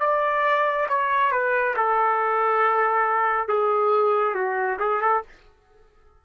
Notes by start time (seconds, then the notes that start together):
0.00 D5
0.89 C#5
1.32 B4
1.76 A4
3.48 G#4
4.34 F#4
4.79 G#4
5.01 A4